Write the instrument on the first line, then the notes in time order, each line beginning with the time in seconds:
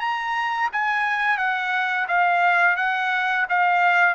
trumpet
0.00 A#5
0.73 G#5
1.38 F#5
2.08 F5
2.77 F#5
3.49 F5